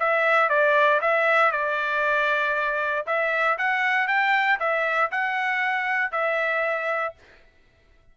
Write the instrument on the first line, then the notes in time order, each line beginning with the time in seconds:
trumpet
0.00 E5
0.49 D5
1.01 E5
1.52 D5
3.07 E5
3.58 F#5
4.08 G5
4.60 E5
5.11 F#5
6.12 E5